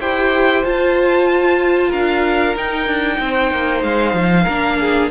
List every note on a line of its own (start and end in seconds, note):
0.00 0.64 E4
0.00 0.65 G4
0.00 1.89 C5
0.00 0.64 G5
0.64 2.56 F4
0.64 1.92 F4
0.64 1.92 A5
1.89 2.56 D4
1.89 3.17 A#4
1.89 2.56 F5
2.57 4.48 D#4
2.57 2.87 D#4
2.57 3.83 G5
2.87 3.19 D4
3.20 3.52 C4
3.20 4.44 C5
3.52 3.84 A#3
3.83 4.14 G#3
3.83 5.11 F5
4.14 4.46 F3
4.44 5.11 A#3
4.44 5.11 D4
4.44 4.76 A#4
4.80 5.11 G#4